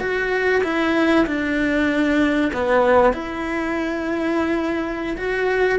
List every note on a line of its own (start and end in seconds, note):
0.00 0.62 F#4
0.64 1.27 E4
1.27 2.52 D4
2.54 3.14 B3
3.14 5.17 E4
5.18 5.80 F#4